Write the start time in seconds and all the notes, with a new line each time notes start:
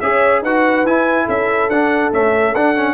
0.00 C#4 G#4 C#5 E5
0.42 D#4 F#4 B4 F#5
0.84 E4 G#5
1.25 C#4 A4 E5
1.69 D4 F#5
2.12 A3 C#4 E5
2.55 D4 F#5
2.76 C#4